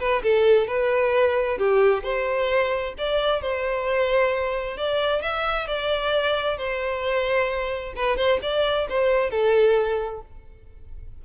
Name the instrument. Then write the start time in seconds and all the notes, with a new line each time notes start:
violin
0.00 B4
0.23 A4
0.68 B4
1.58 G4
2.04 C5
2.98 D5
3.42 C5
4.77 D5
5.22 E5
5.68 D5
6.58 C5
7.96 B4
8.17 C5
8.42 D5
8.90 C5
9.31 A4